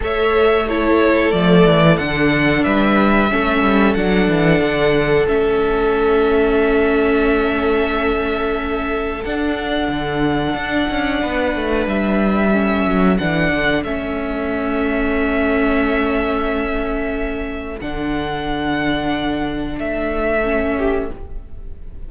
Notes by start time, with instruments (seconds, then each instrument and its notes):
0.00 cello A3, viola A4, violin C#5 E5
0.68 viola E4, violin A4 C#5
1.31 cello F3, viola A3, violin D5
1.65 cello E3
1.97 cello D3, viola D4, violin F#5
2.63 cello G3, violin B4 E5
3.30 cello A3, viola C#4, violin A4
3.62 cello G3
3.94 cello F#3, viola D4, violin F#5
4.28 cello E3
4.60 cello D3
5.27 cello A3, viola C#4, violin E5
9.24 cello D4, viola D4, violin F#5
9.88 cello D3
10.53 cello D4
10.89 cello C#4
11.21 cello B3, violin B4
11.55 cello A3
11.86 cello G3, violin E5
12.52 viola C#4, violin A4
12.85 cello F#3
13.17 cello E3, viola D4, violin F#5
13.52 cello D3
13.83 cello A3, viola C#4, violin E5
17.80 cello D3, viola D4, violin F#5
19.78 cello A3, violin E5
20.43 viola C#4
20.77 violin G4